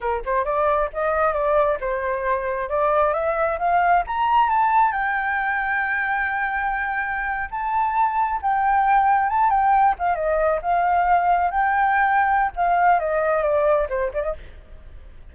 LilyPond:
\new Staff \with { instrumentName = "flute" } { \time 4/4 \tempo 4 = 134 ais'8 c''8 d''4 dis''4 d''4 | c''2 d''4 e''4 | f''4 ais''4 a''4 g''4~ | g''1~ |
g''8. a''2 g''4~ g''16~ | g''8. a''8 g''4 f''8 dis''4 f''16~ | f''4.~ f''16 g''2~ g''16 | f''4 dis''4 d''4 c''8 d''16 dis''16 | }